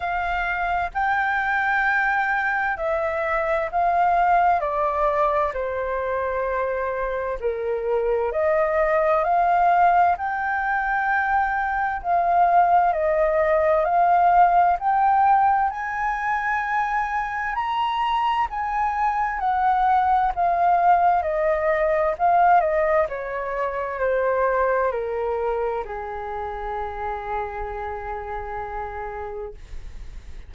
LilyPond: \new Staff \with { instrumentName = "flute" } { \time 4/4 \tempo 4 = 65 f''4 g''2 e''4 | f''4 d''4 c''2 | ais'4 dis''4 f''4 g''4~ | g''4 f''4 dis''4 f''4 |
g''4 gis''2 ais''4 | gis''4 fis''4 f''4 dis''4 | f''8 dis''8 cis''4 c''4 ais'4 | gis'1 | }